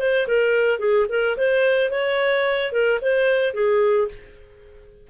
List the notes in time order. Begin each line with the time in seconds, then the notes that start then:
0.00 C5
0.28 A#4
0.79 G#4
1.09 A#4
1.37 C5
1.91 C#5
2.72 A#4
3.02 C5
3.54 G#4